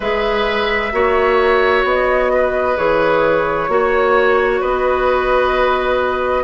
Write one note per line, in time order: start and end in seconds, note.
0.00 0.92 G#3
0.00 0.92 G#4
0.00 0.92 B4
0.00 1.85 E5
0.92 1.84 A#3
0.92 2.76 F#4
0.92 2.32 C#5
1.84 2.76 B3
1.84 2.77 D#5
2.33 3.70 B4
2.76 3.68 E3
2.76 3.68 G#4
2.76 4.62 C#5
3.68 4.60 A#3
3.68 6.43 F#4
3.68 4.60 C#5
4.60 6.43 B3
4.60 6.43 B4
4.60 6.43 D#5